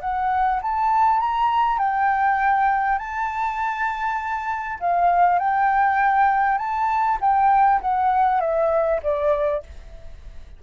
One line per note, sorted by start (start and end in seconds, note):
0.00 0.60 F#5
0.62 1.20 A5
1.20 1.78 A#5
1.78 2.98 G5
2.98 4.78 A5
4.79 5.38 F5
5.38 6.58 G5
6.58 7.18 A5
7.20 7.80 G5
7.81 8.40 F#5
8.40 9.00 E5
9.02 9.62 D5